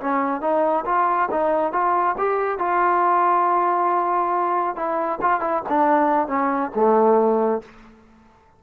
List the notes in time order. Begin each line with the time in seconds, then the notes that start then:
0.00 C#4
0.41 D#4
0.85 F4
1.31 D#4
1.73 F4
2.18 G4
2.58 F4
4.76 E4
5.22 F4
5.41 E4
5.69 D4
6.27 C#4
6.75 A3